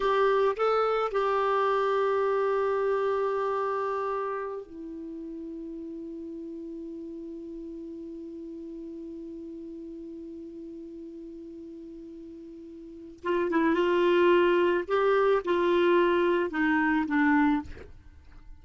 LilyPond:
\new Staff \with { instrumentName = "clarinet" } { \time 4/4 \tempo 4 = 109 g'4 a'4 g'2~ | g'1~ | g'8 e'2.~ e'8~ | e'1~ |
e'1~ | e'1 | f'8 e'8 f'2 g'4 | f'2 dis'4 d'4 | }